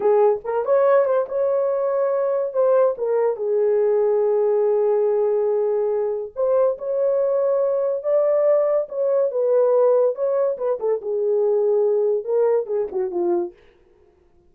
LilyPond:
\new Staff \with { instrumentName = "horn" } { \time 4/4 \tempo 4 = 142 gis'4 ais'8 cis''4 c''8 cis''4~ | cis''2 c''4 ais'4 | gis'1~ | gis'2. c''4 |
cis''2. d''4~ | d''4 cis''4 b'2 | cis''4 b'8 a'8 gis'2~ | gis'4 ais'4 gis'8 fis'8 f'4 | }